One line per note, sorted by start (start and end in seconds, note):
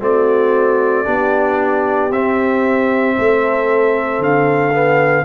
0.00 1.05 A3
0.00 1.04 C4
0.00 1.05 F#4
0.00 2.12 D5
1.04 2.11 B3
1.04 2.10 D4
1.04 3.15 G4
2.11 3.16 C4
2.11 4.73 C4
2.11 4.22 E5
3.17 4.19 A3
3.17 5.25 A4
4.19 5.24 D3
4.19 5.25 F5
4.73 5.25 B3